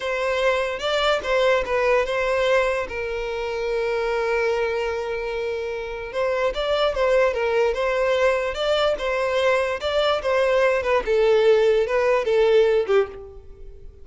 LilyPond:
\new Staff \with { instrumentName = "violin" } { \time 4/4 \tempo 4 = 147 c''2 d''4 c''4 | b'4 c''2 ais'4~ | ais'1~ | ais'2. c''4 |
d''4 c''4 ais'4 c''4~ | c''4 d''4 c''2 | d''4 c''4. b'8 a'4~ | a'4 b'4 a'4. g'8 | }